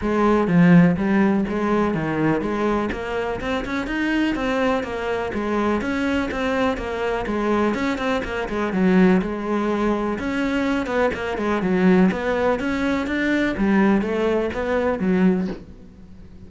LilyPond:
\new Staff \with { instrumentName = "cello" } { \time 4/4 \tempo 4 = 124 gis4 f4 g4 gis4 | dis4 gis4 ais4 c'8 cis'8 | dis'4 c'4 ais4 gis4 | cis'4 c'4 ais4 gis4 |
cis'8 c'8 ais8 gis8 fis4 gis4~ | gis4 cis'4. b8 ais8 gis8 | fis4 b4 cis'4 d'4 | g4 a4 b4 fis4 | }